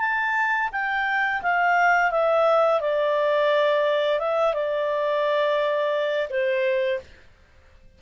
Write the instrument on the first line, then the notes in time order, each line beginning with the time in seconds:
clarinet
0.00 A5
0.72 G5
1.42 F5
2.11 E5
2.81 D5
4.20 E5
4.54 D5
6.30 C5